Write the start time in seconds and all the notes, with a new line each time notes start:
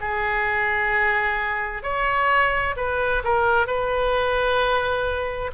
0.00 G#4
1.83 C#5
2.76 B4
3.23 A#4
3.66 B4